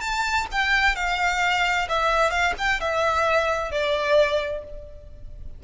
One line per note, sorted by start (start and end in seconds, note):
0.00 0.46 A5
0.51 0.96 G5
0.96 1.88 F5
1.88 2.30 E5
2.30 2.53 F5
2.58 2.80 G5
2.80 3.71 E5
3.71 4.64 D5